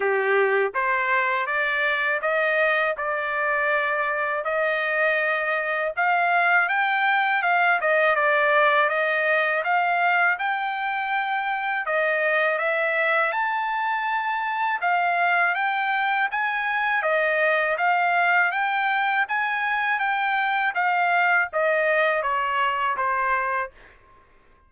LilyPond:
\new Staff \with { instrumentName = "trumpet" } { \time 4/4 \tempo 4 = 81 g'4 c''4 d''4 dis''4 | d''2 dis''2 | f''4 g''4 f''8 dis''8 d''4 | dis''4 f''4 g''2 |
dis''4 e''4 a''2 | f''4 g''4 gis''4 dis''4 | f''4 g''4 gis''4 g''4 | f''4 dis''4 cis''4 c''4 | }